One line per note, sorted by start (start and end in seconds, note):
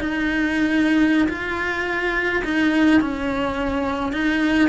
0.00 1.29 D#4
1.29 2.43 F4
2.45 3.01 D#4
3.01 4.13 C#4
4.13 4.69 D#4